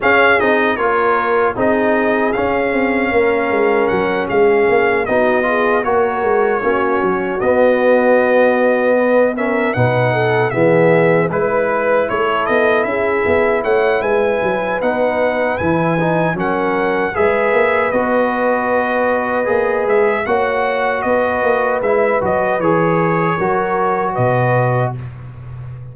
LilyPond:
<<
  \new Staff \with { instrumentName = "trumpet" } { \time 4/4 \tempo 4 = 77 f''8 dis''8 cis''4 dis''4 f''4~ | f''4 fis''8 f''4 dis''4 cis''8~ | cis''4. dis''2~ dis''8 | e''8 fis''4 e''4 b'4 cis''8 |
dis''8 e''4 fis''8 gis''4 fis''4 | gis''4 fis''4 e''4 dis''4~ | dis''4. e''8 fis''4 dis''4 | e''8 dis''8 cis''2 dis''4 | }
  \new Staff \with { instrumentName = "horn" } { \time 4/4 gis'4 ais'4 gis'2 | ais'4. gis'4 fis'8 gis'8 ais'8~ | ais'8 fis'2. b'8 | ais'8 b'8 a'8 gis'4 b'4 a'8~ |
a'8 gis'4 cis''8 b'2~ | b'4 ais'4 b'2~ | b'2 cis''4 b'4~ | b'2 ais'4 b'4 | }
  \new Staff \with { instrumentName = "trombone" } { \time 4/4 cis'8 dis'8 f'4 dis'4 cis'4~ | cis'2~ cis'8 dis'8 f'8 fis'8~ | fis'8 cis'4 b2~ b8 | cis'8 dis'4 b4 e'4.~ |
e'2. dis'4 | e'8 dis'8 cis'4 gis'4 fis'4~ | fis'4 gis'4 fis'2 | e'8 fis'8 gis'4 fis'2 | }
  \new Staff \with { instrumentName = "tuba" } { \time 4/4 cis'8 c'8 ais4 c'4 cis'8 c'8 | ais8 gis8 fis8 gis8 ais8 b4 ais8 | gis8 ais8 fis8 b2~ b8~ | b8 b,4 e4 gis4 a8 |
b8 cis'8 b8 a8 gis8 fis8 b4 | e4 fis4 gis8 ais8 b4~ | b4 ais8 gis8 ais4 b8 ais8 | gis8 fis8 e4 fis4 b,4 | }
>>